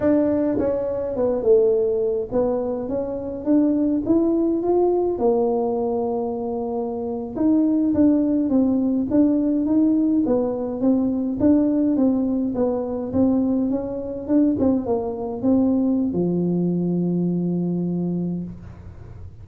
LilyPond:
\new Staff \with { instrumentName = "tuba" } { \time 4/4 \tempo 4 = 104 d'4 cis'4 b8 a4. | b4 cis'4 d'4 e'4 | f'4 ais2.~ | ais8. dis'4 d'4 c'4 d'16~ |
d'8. dis'4 b4 c'4 d'16~ | d'8. c'4 b4 c'4 cis'16~ | cis'8. d'8 c'8 ais4 c'4~ c'16 | f1 | }